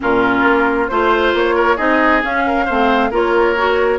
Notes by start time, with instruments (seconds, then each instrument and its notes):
0.00 bassoon A#2, clarinet C#4, oboe F4, flute A#4
0.43 bassoon A#3
0.87 bassoon A3, clarinet F4, flute C5, oboe C5
1.33 bassoon A#3, flute C#5
1.55 oboe A#4
1.76 bassoon C4, clarinet D#4, oboe G#4, flute D#5
2.22 clarinet C#4, bassoon C#4, flute F5
2.46 oboe A#4
2.65 bassoon A3, clarinet C4, oboe C5
3.11 bassoon A#3, clarinet F4, oboe A#4, flute C#5
3.56 clarinet F#4